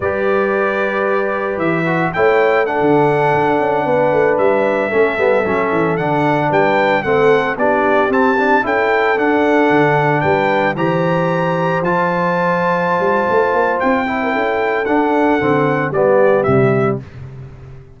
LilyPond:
<<
  \new Staff \with { instrumentName = "trumpet" } { \time 4/4 \tempo 4 = 113 d''2. e''4 | g''4 fis''2.~ | fis''16 e''2. fis''8.~ | fis''16 g''4 fis''4 d''4 a''8.~ |
a''16 g''4 fis''2 g''8.~ | g''16 ais''2 a''4.~ a''16~ | a''2 g''2 | fis''2 d''4 e''4 | }
  \new Staff \with { instrumentName = "horn" } { \time 4/4 b'1 | cis''4 a'2~ a'16 b'8.~ | b'4~ b'16 a'2~ a'8.~ | a'16 b'4 a'4 g'4.~ g'16~ |
g'16 a'2. b'8.~ | b'16 c''2.~ c''8.~ | c''2~ c''8. ais'16 a'4~ | a'2 g'2 | }
  \new Staff \with { instrumentName = "trombone" } { \time 4/4 g'2.~ g'8 fis'8 | e'4 d'2.~ | d'4~ d'16 cis'8 b8 cis'4 d'8.~ | d'4~ d'16 c'4 d'4 c'8 d'16~ |
d'16 e'4 d'2~ d'8.~ | d'16 g'2 f'4.~ f'16~ | f'2~ f'8 e'4. | d'4 c'4 b4 g4 | }
  \new Staff \with { instrumentName = "tuba" } { \time 4/4 g2. e4 | a4~ a16 d4 d'8 cis'8 b8 a16~ | a16 g4 a8 g8 fis8 e8 d8.~ | d16 g4 a4 b4 c'8.~ |
c'16 cis'4 d'4 d4 g8.~ | g16 e2 f4.~ f16~ | f8 g8 a8 ais8 c'4 cis'4 | d'4 d4 g4 c4 | }
>>